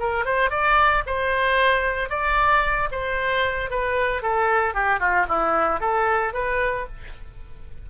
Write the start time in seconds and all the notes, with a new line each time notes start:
0.00 A#4
0.25 C5
0.51 D5
1.06 C5
2.10 D5
2.92 C5
3.71 B4
4.22 A4
4.74 G4
5.00 F4
5.29 E4
5.80 A4
6.34 B4